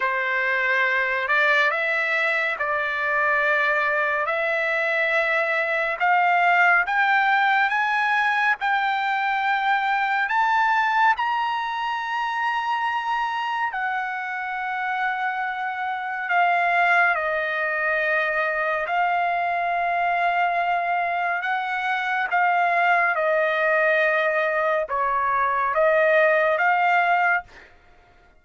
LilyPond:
\new Staff \with { instrumentName = "trumpet" } { \time 4/4 \tempo 4 = 70 c''4. d''8 e''4 d''4~ | d''4 e''2 f''4 | g''4 gis''4 g''2 | a''4 ais''2. |
fis''2. f''4 | dis''2 f''2~ | f''4 fis''4 f''4 dis''4~ | dis''4 cis''4 dis''4 f''4 | }